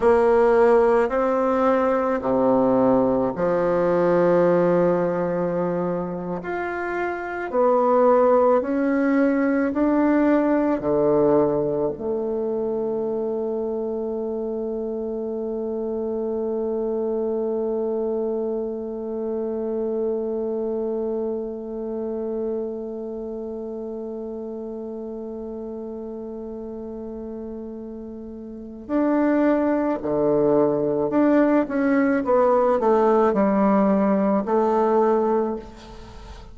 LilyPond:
\new Staff \with { instrumentName = "bassoon" } { \time 4/4 \tempo 4 = 54 ais4 c'4 c4 f4~ | f4.~ f16 f'4 b4 cis'16~ | cis'8. d'4 d4 a4~ a16~ | a1~ |
a1~ | a1~ | a2 d'4 d4 | d'8 cis'8 b8 a8 g4 a4 | }